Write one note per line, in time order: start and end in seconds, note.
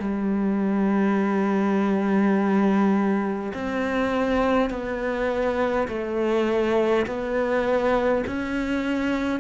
0.00 3.53 G3
3.54 4.71 C4
4.71 5.88 B3
5.88 7.06 A3
7.06 8.24 B3
8.27 9.40 C#4